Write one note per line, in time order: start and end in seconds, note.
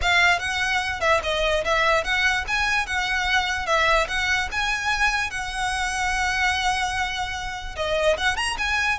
0.01 0.39 F5
0.39 1.00 F#5
1.00 1.20 E5
1.23 1.64 D#5
1.64 2.04 E5
2.04 2.44 F#5
2.47 2.86 G#5
2.86 3.66 F#5
3.66 4.07 E5
4.08 4.48 F#5
4.51 5.30 G#5
5.30 7.75 F#5
7.76 8.16 D#5
8.17 8.36 F#5
8.36 8.56 A#5
8.58 8.98 G#5